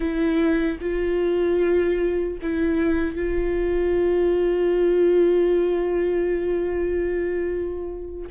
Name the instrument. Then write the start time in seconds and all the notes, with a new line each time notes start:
viola
0.00 E4
0.80 F4
2.42 E4
3.16 F4